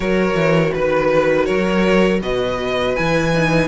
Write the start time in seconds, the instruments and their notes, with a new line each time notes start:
0.00 cello F#3, viola F#4, violin A#4 C#5
0.34 cello E3
0.73 cello D#3, violin B4
1.45 cello F#3, violin A#4 C#5
2.22 cello B2, violin B4 D#5
2.95 cello E3, viola E4, violin G#5
3.33 viola D#4